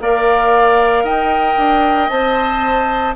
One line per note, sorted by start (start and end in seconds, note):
0.00 1.04 A#3
0.00 2.10 A#4
0.00 1.04 D5
0.00 1.04 F5
1.04 1.56 D#4
1.04 3.14 D#5
1.04 2.09 G5
1.57 2.09 D4
2.09 3.16 C4
2.09 3.15 C5
2.09 3.14 A5